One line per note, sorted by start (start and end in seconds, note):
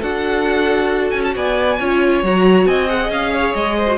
0.00 1.12 D4
0.00 1.77 F#4
0.00 1.32 A4
0.00 1.10 F#5
1.10 1.35 C#4
1.10 1.21 G#5
1.23 1.34 A5
1.35 1.79 B3
1.35 1.79 D5
1.35 2.24 G#5
1.79 2.22 C#4
1.79 2.23 F4
1.79 2.67 C#5
2.22 2.65 F#3
2.22 2.87 F#4
2.22 2.66 A#5
2.65 3.09 C4
2.65 3.33 D#5
2.65 2.88 G#5
2.87 3.86 G#4
2.87 3.10 F#5
3.09 3.53 C#4
3.09 3.54 F5
3.33 3.77 C#5
3.54 3.98 G#3
3.54 3.98 D#5
3.77 3.98 C5
3.87 3.98 F#4